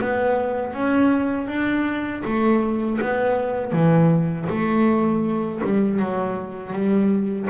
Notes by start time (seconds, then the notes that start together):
0.00 B3
0.73 C#4
1.47 D4
2.24 A3
3.00 B3
3.72 E3
4.49 A3
5.64 G3
5.99 F#3
6.73 G3